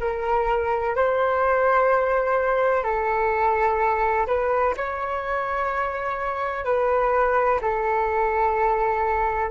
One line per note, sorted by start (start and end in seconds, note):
0.00 0.95 A#4
0.95 2.84 C5
2.84 4.26 A4
4.26 4.74 B4
4.77 6.65 C#5
6.65 7.60 B4
7.61 9.50 A4